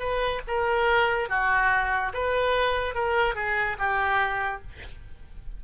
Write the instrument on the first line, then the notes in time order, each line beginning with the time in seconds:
oboe
0.00 B4
0.48 A#4
1.30 F#4
2.14 B4
2.95 A#4
3.36 G#4
3.79 G4